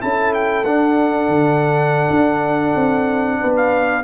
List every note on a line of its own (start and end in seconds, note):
0.00 0.65 C#4
0.00 0.65 E4
0.00 3.40 A4
0.00 0.34 A5
0.34 0.65 G5
0.65 1.28 D4
0.65 4.04 D4
0.65 3.55 F#5
1.28 2.09 D3
2.10 2.75 D4
2.75 3.40 C4
3.40 4.04 B3
3.40 4.04 B4
3.56 4.04 F5